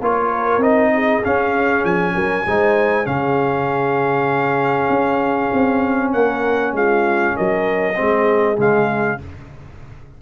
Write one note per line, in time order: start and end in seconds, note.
0.00 0.57 A#3
0.00 0.61 F4
0.00 0.92 A#4
0.00 0.62 C#5
0.57 1.18 C4
0.57 1.22 D#4
0.57 1.23 D#5
0.94 2.15 G#4
1.23 2.46 C#4
1.23 1.84 C#4
1.23 1.85 F5
1.84 2.14 F3
1.84 3.06 G#5
2.15 2.46 F#3
2.15 2.45 A#4
2.46 3.06 G#3
2.46 3.04 D#4
2.46 3.08 C5
3.04 4.89 C#3
3.04 7.94 C#4
3.04 6.14 G#4
3.04 6.12 F5
4.89 5.50 C#4
5.53 6.14 C4
6.12 6.73 A#3
6.12 6.75 A#4
6.12 6.73 F#5
6.73 7.34 G#3
6.73 7.35 F4
6.73 7.37 F5
7.35 7.99 F#3
7.35 7.96 A#4
7.35 8.59 D#5
7.95 8.58 G#3
7.95 8.56 C4
7.95 9.18 G#4
8.57 9.19 C#3
8.57 9.19 G#3
8.57 9.21 F5